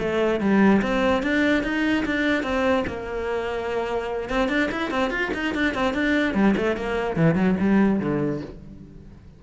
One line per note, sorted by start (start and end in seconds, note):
0.00 0.41 A3
0.41 0.82 G3
0.82 1.23 C4
1.23 1.64 D4
1.64 2.05 D#4
2.06 2.43 D4
2.43 2.84 C4
2.87 4.30 A#3
4.30 4.49 C4
4.49 4.70 D4
4.72 4.91 E4
4.91 5.11 C4
5.11 5.31 F4
5.34 5.55 D#4
5.55 5.75 D4
5.75 5.94 C4
5.94 6.35 D4
6.35 6.55 G3
6.57 6.77 A3
6.77 7.17 A#3
7.17 7.35 E3
7.35 7.56 F#3
7.60 8.00 G3
8.00 8.42 D3